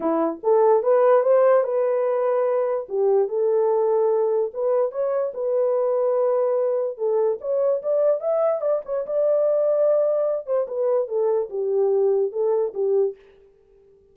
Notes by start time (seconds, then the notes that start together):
0.00 E4
0.43 A4
0.82 B4
1.22 C5
1.63 B4
2.88 G4
3.28 A4
4.53 B4
4.91 C#5
5.34 B4
6.97 A4
7.40 C#5
7.82 D5
8.20 E5
8.61 D5
8.85 C#5
9.06 D5
10.46 C5
10.67 B4
11.08 A4
11.49 G4
12.32 A4
12.74 G4